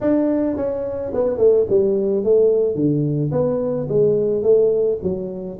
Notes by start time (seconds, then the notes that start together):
0.00 D4
0.56 C#4
1.14 B3
1.37 A3
1.69 G3
2.23 A3
2.75 D3
3.31 B3
3.88 G#3
4.43 A3
5.03 F#3